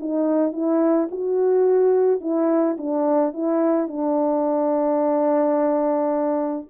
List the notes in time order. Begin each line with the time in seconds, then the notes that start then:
0.00 D#4
0.53 E4
1.11 F#4
2.21 E4
2.78 D4
3.33 E4
3.87 D4